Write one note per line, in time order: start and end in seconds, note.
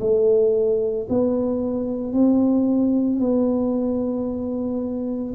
0.00 1.07 A3
1.09 2.13 B3
2.13 3.19 C4
3.19 5.34 B3